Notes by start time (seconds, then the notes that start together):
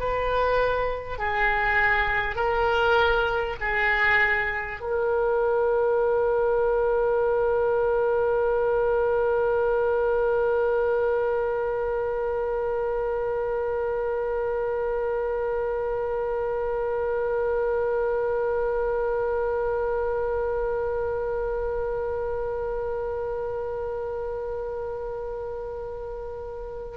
0.00 B4
1.19 G#4
2.36 A#4
3.61 G#4
4.81 A#4